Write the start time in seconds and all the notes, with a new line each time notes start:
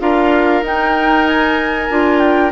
0.00 D4 F4 A#4 F5
0.62 D#4 G5
1.27 G#5
1.90 D4 F4
2.19 G5